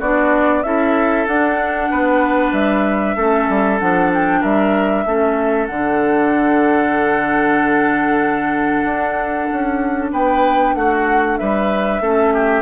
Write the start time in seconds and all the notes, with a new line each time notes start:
0.00 B3 D4 F#4 D5
0.63 C#4 E4 A4 E5
1.27 D4 F#5
1.91 B3 B4
2.53 G3 E5
3.16 A3 C#4 A4
3.49 G3
3.79 F3 D4 F#5
4.14 G5
4.41 G3 A#4 E5
5.06 A3 C#4 A4
5.66 D3 F#5
5.73 D4
8.85 D4
9.53 C#4
10.12 B3 B4 G5
10.75 A3 F#4 F#5
11.38 G3 B4 E5
12.01 A3 C#4 A4
12.33 G4